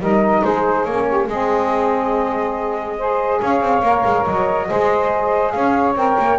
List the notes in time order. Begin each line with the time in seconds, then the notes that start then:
0.00 G3 D#4 A#4 D#5
0.42 G#3 G#4 C5
0.85 A#3 C#4 C#5
1.08 G4
1.27 G#3 C4 G#4 D#5
2.98 G#4 C5
3.40 C#4 C#5 F5
3.60 C4
3.83 A#3 A#4
4.06 G#3
4.27 F#3 D#5
4.67 G#3 G#4 C5
5.51 C#4 C#5 F5
5.96 C4 A#4 G5
6.19 A#3